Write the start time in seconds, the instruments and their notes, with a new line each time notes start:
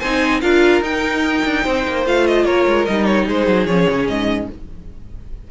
0.00 cello C4, viola D#4, violin C5 G#5
0.42 cello D4, viola F4, violin A#4 F5
0.81 cello D#4, viola D#4, violin G5
1.44 cello D4
1.64 cello C4, violin C5
1.88 cello A#3
2.06 cello A3, viola F4, violin F5
2.27 violin D#5
2.45 cello A#3, violin A#4 C#5
2.67 cello G#3
2.86 cello G3, viola D#4, violin D#5
3.06 violin C#5
3.25 cello G#3, violin G#4 C5
3.47 cello F#3
3.66 cello F3, viola C#4, violin C#5
3.90 cello C#3
4.08 cello G#2, violin D#5